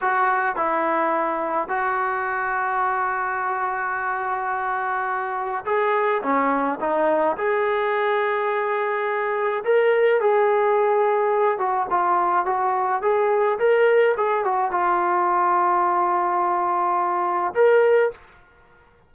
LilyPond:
\new Staff \with { instrumentName = "trombone" } { \time 4/4 \tempo 4 = 106 fis'4 e'2 fis'4~ | fis'1~ | fis'2 gis'4 cis'4 | dis'4 gis'2.~ |
gis'4 ais'4 gis'2~ | gis'8 fis'8 f'4 fis'4 gis'4 | ais'4 gis'8 fis'8 f'2~ | f'2. ais'4 | }